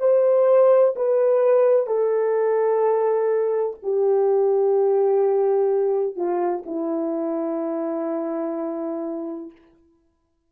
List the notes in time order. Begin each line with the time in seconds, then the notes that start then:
0.00 C5
0.97 B4
1.87 A4
3.83 G4
6.16 F4
6.66 E4